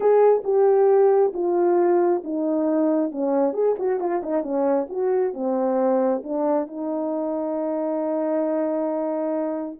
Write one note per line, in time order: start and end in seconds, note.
0.00 0.42 G#4
0.43 1.32 G4
1.33 2.22 F4
2.24 3.11 D#4
3.11 3.53 C#4
3.53 3.75 G#4
3.78 4.00 F#4
4.00 4.22 F4
4.22 4.42 D#4
4.42 4.87 C#4
4.89 5.33 F#4
5.33 6.22 C4
6.23 6.67 D4
6.67 9.78 D#4